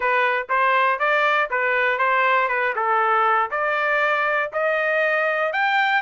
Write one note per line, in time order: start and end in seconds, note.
0.00 0.47 B4
0.49 0.99 C5
0.99 1.49 D5
1.50 1.98 B4
1.98 2.48 C5
2.48 2.73 B4
2.75 3.50 A4
3.50 4.50 D5
4.52 5.52 D#5
5.52 6.02 G5